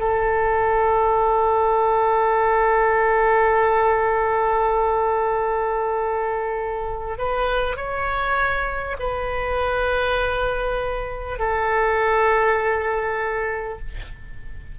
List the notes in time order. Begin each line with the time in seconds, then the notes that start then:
0.00 A4
7.19 B4
7.77 C#5
8.99 B4
11.39 A4